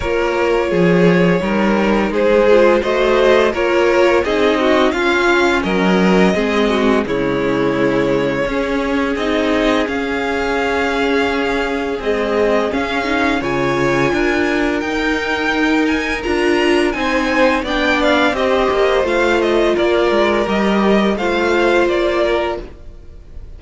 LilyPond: <<
  \new Staff \with { instrumentName = "violin" } { \time 4/4 \tempo 4 = 85 cis''2. c''4 | dis''4 cis''4 dis''4 f''4 | dis''2 cis''2~ | cis''4 dis''4 f''2~ |
f''4 dis''4 f''4 gis''4~ | gis''4 g''4. gis''8 ais''4 | gis''4 g''8 f''8 dis''4 f''8 dis''8 | d''4 dis''4 f''4 d''4 | }
  \new Staff \with { instrumentName = "violin" } { \time 4/4 ais'4 gis'4 ais'4 gis'4 | c''4 ais'4 gis'8 fis'8 f'4 | ais'4 gis'8 fis'8 e'2 | gis'1~ |
gis'2. cis''4 | ais'1 | c''4 d''4 c''2 | ais'2 c''4. ais'8 | }
  \new Staff \with { instrumentName = "viola" } { \time 4/4 f'2 dis'4. f'8 | fis'4 f'4 dis'4 cis'4~ | cis'4 c'4 gis2 | cis'4 dis'4 cis'2~ |
cis'4 gis4 cis'8 dis'8 f'4~ | f'4 dis'2 f'4 | dis'4 d'4 g'4 f'4~ | f'4 g'4 f'2 | }
  \new Staff \with { instrumentName = "cello" } { \time 4/4 ais4 f4 g4 gis4 | a4 ais4 c'4 cis'4 | fis4 gis4 cis2 | cis'4 c'4 cis'2~ |
cis'4 c'4 cis'4 cis4 | d'4 dis'2 d'4 | c'4 b4 c'8 ais8 a4 | ais8 gis8 g4 a4 ais4 | }
>>